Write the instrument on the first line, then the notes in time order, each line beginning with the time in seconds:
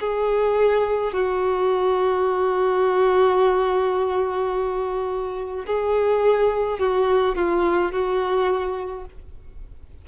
violin
0.00 G#4
1.13 F#4
5.67 G#4
6.79 F#4
7.35 F4
7.92 F#4